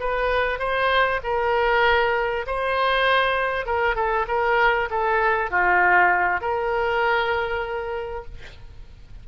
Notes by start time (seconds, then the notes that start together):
0.00 B4
0.59 C5
1.24 A#4
2.47 C5
3.66 A#4
3.95 A4
4.28 A#4
4.90 A4
5.51 F4
6.41 A#4